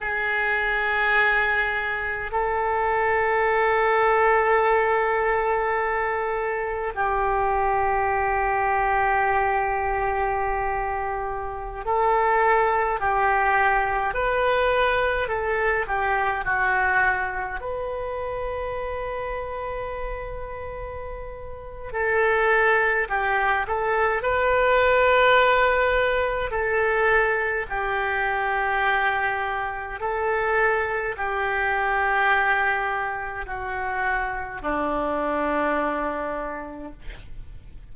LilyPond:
\new Staff \with { instrumentName = "oboe" } { \time 4/4 \tempo 4 = 52 gis'2 a'2~ | a'2 g'2~ | g'2~ g'16 a'4 g'8.~ | g'16 b'4 a'8 g'8 fis'4 b'8.~ |
b'2. a'4 | g'8 a'8 b'2 a'4 | g'2 a'4 g'4~ | g'4 fis'4 d'2 | }